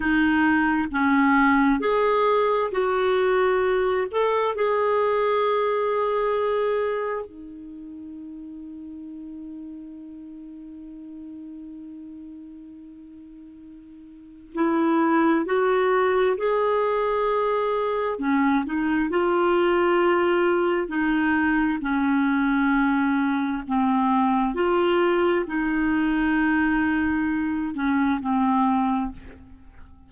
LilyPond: \new Staff \with { instrumentName = "clarinet" } { \time 4/4 \tempo 4 = 66 dis'4 cis'4 gis'4 fis'4~ | fis'8 a'8 gis'2. | dis'1~ | dis'1 |
e'4 fis'4 gis'2 | cis'8 dis'8 f'2 dis'4 | cis'2 c'4 f'4 | dis'2~ dis'8 cis'8 c'4 | }